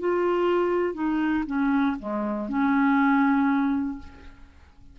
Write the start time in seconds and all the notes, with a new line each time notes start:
0.00 F4
0.95 D#4
1.47 C#4
2.00 G#3
2.49 C#4